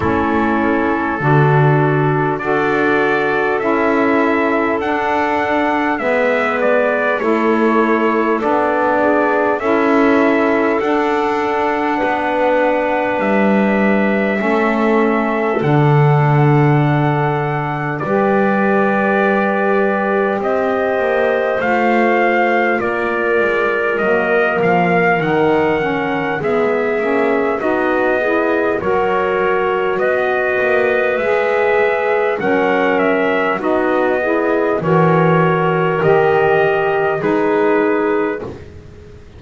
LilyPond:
<<
  \new Staff \with { instrumentName = "trumpet" } { \time 4/4 \tempo 4 = 50 a'2 d''4 e''4 | fis''4 e''8 d''8 cis''4 d''4 | e''4 fis''2 e''4~ | e''4 fis''2 d''4~ |
d''4 dis''4 f''4 d''4 | dis''8 f''8 fis''4 e''4 dis''4 | cis''4 dis''4 e''4 fis''8 e''8 | dis''4 cis''4 dis''4 b'4 | }
  \new Staff \with { instrumentName = "clarinet" } { \time 4/4 e'4 fis'4 a'2~ | a'4 b'4 a'4. gis'8 | a'2 b'2 | a'2. b'4~ |
b'4 c''2 ais'4~ | ais'2 gis'4 fis'8 gis'8 | ais'4 b'2 ais'4 | fis'8 gis'8 ais'2 gis'4 | }
  \new Staff \with { instrumentName = "saxophone" } { \time 4/4 cis'4 d'4 fis'4 e'4 | d'4 b4 e'4 d'4 | e'4 d'2. | cis'4 d'2 g'4~ |
g'2 f'2 | ais4 dis'8 cis'8 b8 cis'8 dis'8 e'8 | fis'2 gis'4 cis'4 | dis'8 e'8 fis'4 g'4 dis'4 | }
  \new Staff \with { instrumentName = "double bass" } { \time 4/4 a4 d4 d'4 cis'4 | d'4 gis4 a4 b4 | cis'4 d'4 b4 g4 | a4 d2 g4~ |
g4 c'8 ais8 a4 ais8 gis8 | fis8 f8 dis4 gis8 ais8 b4 | fis4 b8 ais8 gis4 fis4 | b4 e4 dis4 gis4 | }
>>